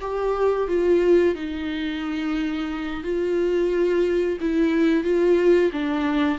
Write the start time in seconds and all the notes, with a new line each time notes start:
0.00 G4
0.67 F4
1.35 D#4
3.03 F4
4.40 E4
5.03 F4
5.72 D4